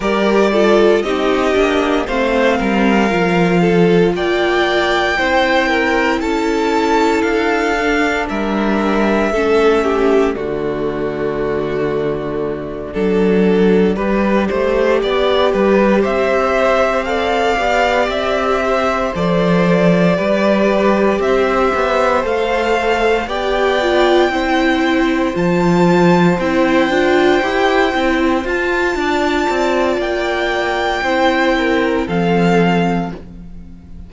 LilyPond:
<<
  \new Staff \with { instrumentName = "violin" } { \time 4/4 \tempo 4 = 58 d''4 dis''4 f''2 | g''2 a''4 f''4 | e''2 d''2~ | d''2.~ d''8 e''8~ |
e''8 f''4 e''4 d''4.~ | d''8 e''4 f''4 g''4.~ | g''8 a''4 g''2 a''8~ | a''4 g''2 f''4 | }
  \new Staff \with { instrumentName = "violin" } { \time 4/4 ais'8 a'8 g'4 c''8 ais'4 a'8 | d''4 c''8 ais'8 a'2 | ais'4 a'8 g'8 fis'2~ | fis'8 a'4 b'8 c''8 d''8 b'8 c''8~ |
c''8 d''4. c''4. b'8~ | b'8 c''2 d''4 c''8~ | c''1 | d''2 c''8 ais'8 a'4 | }
  \new Staff \with { instrumentName = "viola" } { \time 4/4 g'8 f'8 dis'8 d'8 c'4 f'4~ | f'4 e'2~ e'8 d'8~ | d'4 cis'4 a2~ | a8 d'4 g'2~ g'8~ |
g'8 a'8 g'4. a'4 g'8~ | g'4. a'4 g'8 f'8 e'8~ | e'8 f'4 e'8 f'8 g'8 e'8 f'8~ | f'2 e'4 c'4 | }
  \new Staff \with { instrumentName = "cello" } { \time 4/4 g4 c'8 ais8 a8 g8 f4 | ais4 c'4 cis'4 d'4 | g4 a4 d2~ | d8 fis4 g8 a8 b8 g8 c'8~ |
c'4 b8 c'4 f4 g8~ | g8 c'8 b8 a4 b4 c'8~ | c'8 f4 c'8 d'8 e'8 c'8 f'8 | d'8 c'8 ais4 c'4 f4 | }
>>